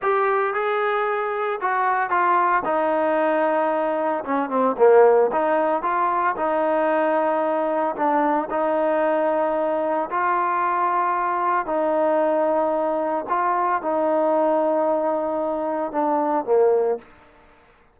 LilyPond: \new Staff \with { instrumentName = "trombone" } { \time 4/4 \tempo 4 = 113 g'4 gis'2 fis'4 | f'4 dis'2. | cis'8 c'8 ais4 dis'4 f'4 | dis'2. d'4 |
dis'2. f'4~ | f'2 dis'2~ | dis'4 f'4 dis'2~ | dis'2 d'4 ais4 | }